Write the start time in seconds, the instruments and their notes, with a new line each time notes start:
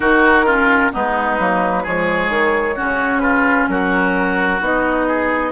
0.00 bassoon D#3, clarinet D#4, oboe F#4, flute A#4
0.45 clarinet C#4, oboe F4
0.92 bassoon G#3, clarinet B3, oboe D#4, flute B4
1.38 bassoon F#3, clarinet A#3
1.83 bassoon F3, clarinet G#3, oboe G#4, flute C#5
2.29 bassoon D#3
2.75 bassoon C#3, clarinet C#4, oboe F#4
3.19 oboe F4, flute B4
3.68 bassoon F#3, oboe F#4, flute A#4
4.60 bassoon B3, clarinet D#4, flute D#5
5.07 oboe G#4